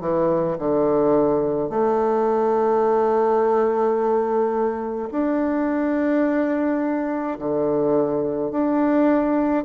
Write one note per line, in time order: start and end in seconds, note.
0.00 0.57 E3
0.58 1.69 D3
1.69 5.09 A3
5.11 7.38 D4
7.38 8.51 D3
8.51 9.64 D4